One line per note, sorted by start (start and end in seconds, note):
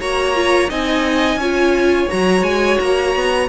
0.00 0.70 A#3
0.00 0.35 F#4
0.00 0.70 C#5
0.00 0.70 A#5
0.35 0.69 F4
0.69 1.36 C4
0.69 1.39 D#4
0.69 1.39 D#5
0.69 2.10 G#5
1.36 2.06 C#4
1.36 2.10 F4
1.36 3.49 C#5
2.10 2.42 F#3
2.10 3.49 F#4
2.10 2.44 A#5
2.42 2.77 G#3
2.42 2.78 G#5
2.80 3.16 A#3
2.80 3.49 A#5
3.16 3.49 B3